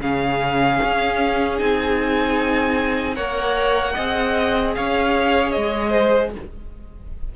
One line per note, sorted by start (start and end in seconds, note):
0.00 0.79 C#3
0.00 1.58 C#4
0.00 3.15 G#4
0.00 1.58 F5
0.82 1.61 C#4
1.58 3.16 C4
1.58 3.15 D#4
1.58 3.15 G#5
3.15 3.95 A#3
3.15 3.94 A#4
3.15 3.93 C#5
3.15 4.73 F#5
3.93 4.76 C4
3.93 6.33 G#4
3.93 4.72 D#5
4.75 5.56 C#4
4.75 5.89 C#5
4.75 5.51 F5
5.51 6.35 G#3
5.51 6.30 D#5
5.89 6.29 C5